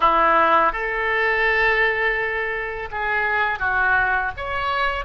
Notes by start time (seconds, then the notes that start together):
0.00 E4
0.72 A4
2.91 G#4
3.59 F#4
4.36 C#5